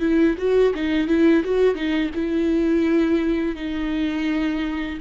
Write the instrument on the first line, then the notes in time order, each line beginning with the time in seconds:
viola
0.00 E4
0.38 F#4
0.74 D#4
1.07 E4
1.44 F#4
1.75 D#4
2.15 E4
3.55 D#4